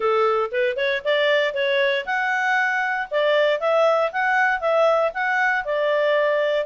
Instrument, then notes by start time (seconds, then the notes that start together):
clarinet
0.00 A4
0.51 B4
0.76 C#5
1.04 D5
1.54 C#5
2.05 F#5
3.10 D5
3.60 E5
4.12 F#5
4.60 E5
5.14 F#5
5.65 D5